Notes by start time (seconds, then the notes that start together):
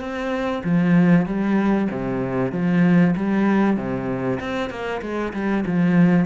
0.00 C4
0.64 F3
1.26 G3
1.91 C3
2.52 F3
3.16 G3
3.77 C3
4.40 C4
4.70 A#3
5.01 G#3
5.33 G3
5.66 F3